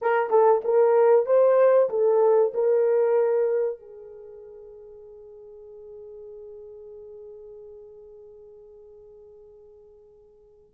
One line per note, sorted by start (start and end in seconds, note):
0.01 0.30 A#4
0.30 0.61 A4
0.64 1.26 A#4
1.26 1.89 C5
1.89 2.52 A4
2.54 3.79 A#4
3.79 10.74 G#4